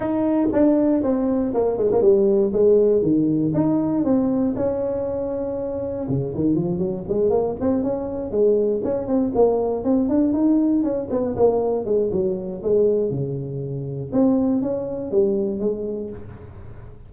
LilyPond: \new Staff \with { instrumentName = "tuba" } { \time 4/4 \tempo 4 = 119 dis'4 d'4 c'4 ais8 gis16 ais16 | g4 gis4 dis4 dis'4 | c'4 cis'2. | cis8 dis8 f8 fis8 gis8 ais8 c'8 cis'8~ |
cis'8 gis4 cis'8 c'8 ais4 c'8 | d'8 dis'4 cis'8 b8 ais4 gis8 | fis4 gis4 cis2 | c'4 cis'4 g4 gis4 | }